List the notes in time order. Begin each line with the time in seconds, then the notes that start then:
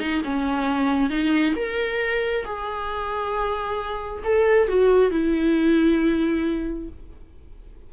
0.00 D#4
0.24 C#4
1.10 D#4
1.56 A#4
2.45 G#4
4.24 A4
4.68 F#4
5.12 E4